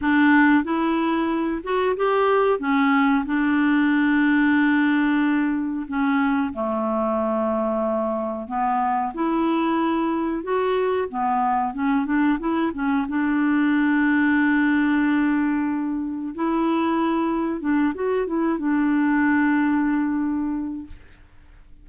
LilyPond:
\new Staff \with { instrumentName = "clarinet" } { \time 4/4 \tempo 4 = 92 d'4 e'4. fis'8 g'4 | cis'4 d'2.~ | d'4 cis'4 a2~ | a4 b4 e'2 |
fis'4 b4 cis'8 d'8 e'8 cis'8 | d'1~ | d'4 e'2 d'8 fis'8 | e'8 d'2.~ d'8 | }